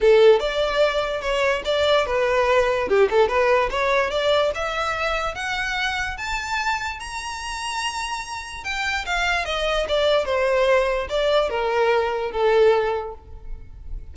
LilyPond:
\new Staff \with { instrumentName = "violin" } { \time 4/4 \tempo 4 = 146 a'4 d''2 cis''4 | d''4 b'2 g'8 a'8 | b'4 cis''4 d''4 e''4~ | e''4 fis''2 a''4~ |
a''4 ais''2.~ | ais''4 g''4 f''4 dis''4 | d''4 c''2 d''4 | ais'2 a'2 | }